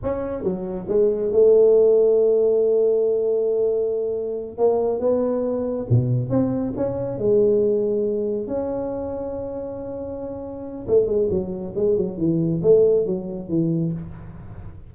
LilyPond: \new Staff \with { instrumentName = "tuba" } { \time 4/4 \tempo 4 = 138 cis'4 fis4 gis4 a4~ | a1~ | a2~ a8 ais4 b8~ | b4. b,4 c'4 cis'8~ |
cis'8 gis2. cis'8~ | cis'1~ | cis'4 a8 gis8 fis4 gis8 fis8 | e4 a4 fis4 e4 | }